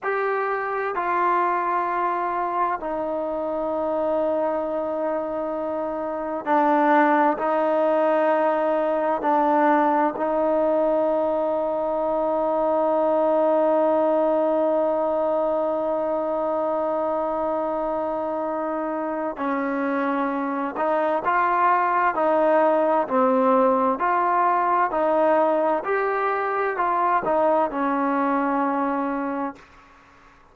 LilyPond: \new Staff \with { instrumentName = "trombone" } { \time 4/4 \tempo 4 = 65 g'4 f'2 dis'4~ | dis'2. d'4 | dis'2 d'4 dis'4~ | dis'1~ |
dis'1~ | dis'4 cis'4. dis'8 f'4 | dis'4 c'4 f'4 dis'4 | g'4 f'8 dis'8 cis'2 | }